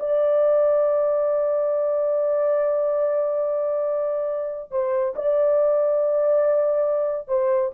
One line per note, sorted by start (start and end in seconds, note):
0.00 4.71 D5
4.72 5.15 C5
5.16 7.29 D5
7.29 7.71 C5